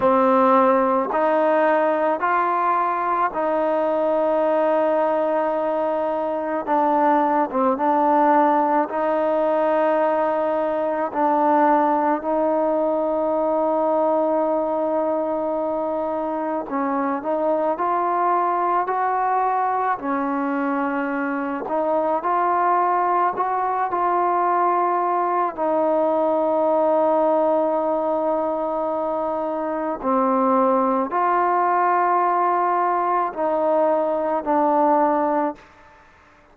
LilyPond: \new Staff \with { instrumentName = "trombone" } { \time 4/4 \tempo 4 = 54 c'4 dis'4 f'4 dis'4~ | dis'2 d'8. c'16 d'4 | dis'2 d'4 dis'4~ | dis'2. cis'8 dis'8 |
f'4 fis'4 cis'4. dis'8 | f'4 fis'8 f'4. dis'4~ | dis'2. c'4 | f'2 dis'4 d'4 | }